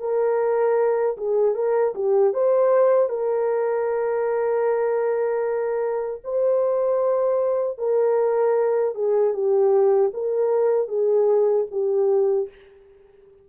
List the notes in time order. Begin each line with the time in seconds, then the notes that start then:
0.00 A#4
1.18 G#4
1.55 A#4
1.95 G4
2.34 C5
3.10 A#4
6.24 C5
7.79 A#4
8.95 G#4
9.34 G4
10.14 A#4
10.88 G#4
11.72 G4